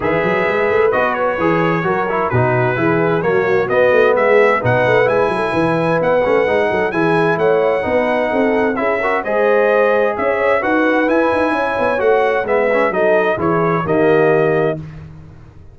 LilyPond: <<
  \new Staff \with { instrumentName = "trumpet" } { \time 4/4 \tempo 4 = 130 e''2 dis''8 cis''4.~ | cis''4 b'2 cis''4 | dis''4 e''4 fis''4 gis''4~ | gis''4 fis''2 gis''4 |
fis''2. e''4 | dis''2 e''4 fis''4 | gis''2 fis''4 e''4 | dis''4 cis''4 dis''2 | }
  \new Staff \with { instrumentName = "horn" } { \time 4/4 b'1 | ais'4 fis'4 gis'4 fis'4~ | fis'4 gis'4 b'4. a'8 | b'2~ b'8 a'8 gis'4 |
cis''4 b'4 a'4 gis'8 ais'8 | c''2 cis''4 b'4~ | b'4 cis''2 b'4 | a'4 gis'4 g'2 | }
  \new Staff \with { instrumentName = "trombone" } { \time 4/4 gis'2 fis'4 gis'4 | fis'8 e'8 dis'4 e'4 ais4 | b2 dis'4 e'4~ | e'4. cis'8 dis'4 e'4~ |
e'4 dis'2 e'8 fis'8 | gis'2. fis'4 | e'2 fis'4 b8 cis'8 | dis'4 e'4 ais2 | }
  \new Staff \with { instrumentName = "tuba" } { \time 4/4 e8 fis8 gis8 a8 b4 e4 | fis4 b,4 e4 fis4 | b8 a8 gis4 b,8 a8 gis8 fis8 | e4 b8 a8 gis8 fis8 e4 |
a4 b4 c'4 cis'4 | gis2 cis'4 dis'4 | e'8 dis'8 cis'8 b8 a4 gis4 | fis4 e4 dis2 | }
>>